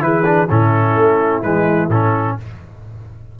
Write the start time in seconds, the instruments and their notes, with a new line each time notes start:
0.00 tuba E3, trombone E4, horn G#4, trumpet B4
0.25 trombone D4
0.49 tuba A2, trombone C#4, horn E4, trumpet A4
0.96 tuba A3
1.42 tuba E3, trombone G#3, trumpet B4
1.89 tuba A2, trombone C#4, trumpet A4